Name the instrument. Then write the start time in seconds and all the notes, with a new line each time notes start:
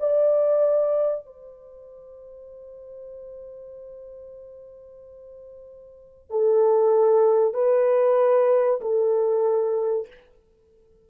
horn
0.00 D5
1.26 C5
6.30 A4
7.54 B4
8.81 A4